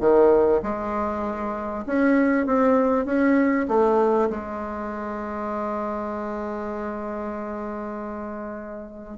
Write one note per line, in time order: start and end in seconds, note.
0.00 0.61 D#3
0.62 1.85 G#3
1.86 2.46 C#4
2.46 3.05 C4
3.05 3.66 C#4
3.68 4.29 A3
4.29 9.18 G#3